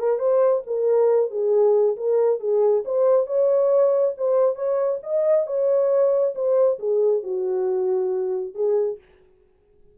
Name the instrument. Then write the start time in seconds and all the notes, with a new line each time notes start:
horn
0.00 A#4
0.19 C5
0.67 A#4
1.31 G#4
1.97 A#4
2.40 G#4
2.85 C5
3.27 C#5
4.18 C5
4.56 C#5
5.03 D#5
5.47 C#5
6.35 C5
6.79 G#4
7.23 F#4
8.55 G#4